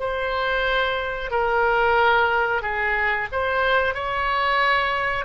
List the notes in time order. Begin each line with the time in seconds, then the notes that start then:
0.00 C5
1.32 A#4
2.62 G#4
3.33 C5
3.95 C#5